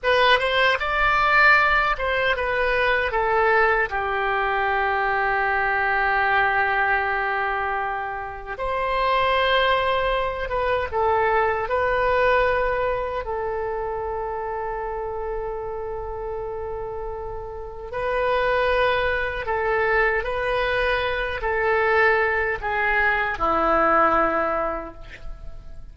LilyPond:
\new Staff \with { instrumentName = "oboe" } { \time 4/4 \tempo 4 = 77 b'8 c''8 d''4. c''8 b'4 | a'4 g'2.~ | g'2. c''4~ | c''4. b'8 a'4 b'4~ |
b'4 a'2.~ | a'2. b'4~ | b'4 a'4 b'4. a'8~ | a'4 gis'4 e'2 | }